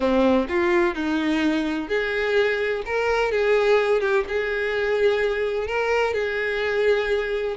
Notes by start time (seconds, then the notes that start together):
0.00 C4
0.48 F4
0.94 D#4
1.88 G#4
2.85 A#4
3.31 G#4
4.00 G4
4.28 G#4
5.67 A#4
6.13 G#4